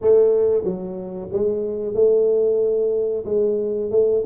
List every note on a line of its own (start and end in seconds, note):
0.01 0.63 A3
0.63 1.29 F#3
1.32 1.94 G#3
1.94 3.24 A3
3.25 3.90 G#3
3.90 4.23 A3